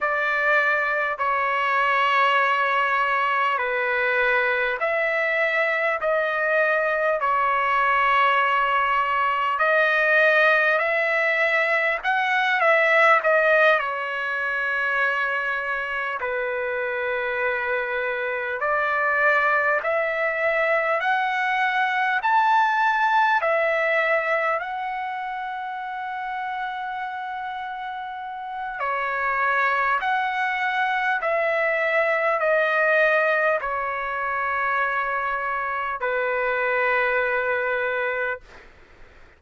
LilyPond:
\new Staff \with { instrumentName = "trumpet" } { \time 4/4 \tempo 4 = 50 d''4 cis''2 b'4 | e''4 dis''4 cis''2 | dis''4 e''4 fis''8 e''8 dis''8 cis''8~ | cis''4. b'2 d''8~ |
d''8 e''4 fis''4 a''4 e''8~ | e''8 fis''2.~ fis''8 | cis''4 fis''4 e''4 dis''4 | cis''2 b'2 | }